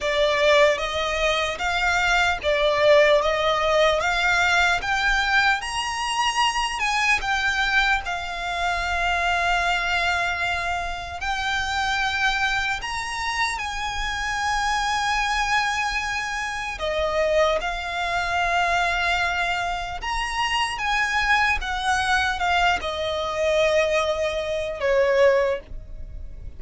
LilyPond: \new Staff \with { instrumentName = "violin" } { \time 4/4 \tempo 4 = 75 d''4 dis''4 f''4 d''4 | dis''4 f''4 g''4 ais''4~ | ais''8 gis''8 g''4 f''2~ | f''2 g''2 |
ais''4 gis''2.~ | gis''4 dis''4 f''2~ | f''4 ais''4 gis''4 fis''4 | f''8 dis''2~ dis''8 cis''4 | }